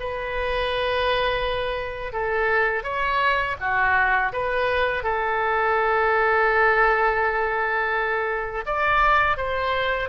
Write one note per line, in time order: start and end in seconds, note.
0.00 2.13 B4
2.13 2.84 A4
2.84 3.56 C#5
3.60 4.33 F#4
4.33 5.04 B4
5.04 8.65 A4
8.66 9.37 D5
9.37 10.09 C5